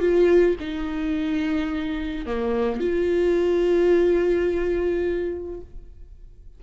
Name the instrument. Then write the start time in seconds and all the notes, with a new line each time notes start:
viola
0.00 F4
0.60 D#4
2.26 A#3
2.80 F4